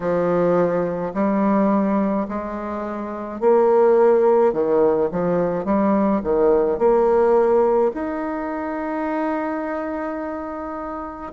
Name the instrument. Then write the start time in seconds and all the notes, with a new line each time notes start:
bassoon
0.00 F3
1.14 G3
2.28 G#3
3.40 A#3
4.52 D#3
5.11 F3
5.64 G3
6.23 D#3
6.78 A#3
7.93 D#4